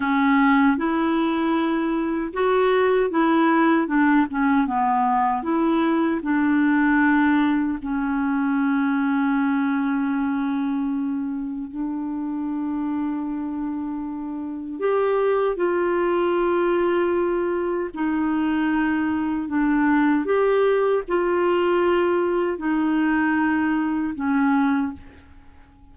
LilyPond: \new Staff \with { instrumentName = "clarinet" } { \time 4/4 \tempo 4 = 77 cis'4 e'2 fis'4 | e'4 d'8 cis'8 b4 e'4 | d'2 cis'2~ | cis'2. d'4~ |
d'2. g'4 | f'2. dis'4~ | dis'4 d'4 g'4 f'4~ | f'4 dis'2 cis'4 | }